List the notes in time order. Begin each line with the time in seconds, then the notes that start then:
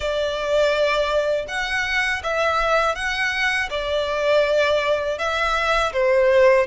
0.00 D5
1.48 F#5
2.23 E5
2.95 F#5
3.70 D5
5.18 E5
5.92 C5